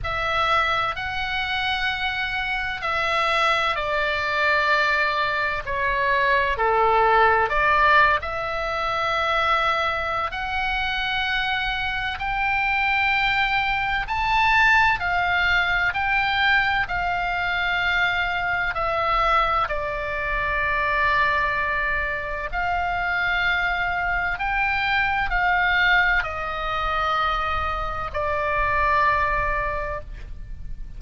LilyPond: \new Staff \with { instrumentName = "oboe" } { \time 4/4 \tempo 4 = 64 e''4 fis''2 e''4 | d''2 cis''4 a'4 | d''8. e''2~ e''16 fis''4~ | fis''4 g''2 a''4 |
f''4 g''4 f''2 | e''4 d''2. | f''2 g''4 f''4 | dis''2 d''2 | }